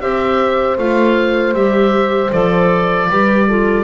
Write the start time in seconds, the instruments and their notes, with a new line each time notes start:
0.00 double bass C4, clarinet G4, horn C5, oboe E5
0.78 double bass A3, clarinet F4, oboe F5
1.54 double bass G3, clarinet G4, oboe E5
2.31 double bass F3, clarinet A4, oboe D5
3.10 double bass G3, clarinet G4, horn B4
3.48 clarinet F4, horn A4